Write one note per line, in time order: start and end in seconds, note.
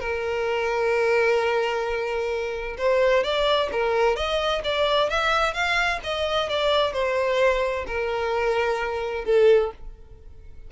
0.00 2.77 A#4
2.78 3.24 C5
3.24 3.70 D5
3.72 4.16 A#4
4.16 4.62 D#5
4.64 5.10 D5
5.10 5.54 E5
5.54 6.00 F5
6.04 6.49 D#5
6.49 6.93 D5
6.93 7.85 C5
7.87 9.25 A#4
9.25 9.71 A4